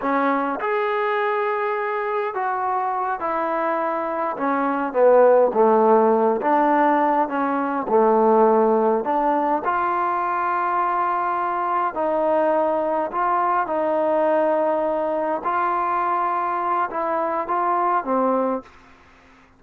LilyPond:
\new Staff \with { instrumentName = "trombone" } { \time 4/4 \tempo 4 = 103 cis'4 gis'2. | fis'4. e'2 cis'8~ | cis'8 b4 a4. d'4~ | d'8 cis'4 a2 d'8~ |
d'8 f'2.~ f'8~ | f'8 dis'2 f'4 dis'8~ | dis'2~ dis'8 f'4.~ | f'4 e'4 f'4 c'4 | }